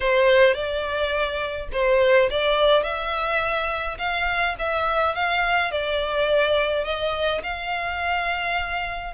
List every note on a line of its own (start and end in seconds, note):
0.00 0.54 C5
0.54 1.68 D5
1.72 2.29 C5
2.30 2.83 D5
2.83 3.97 E5
3.98 4.55 F5
4.58 5.15 E5
5.15 5.71 F5
5.71 6.84 D5
6.84 7.41 D#5
7.43 9.14 F5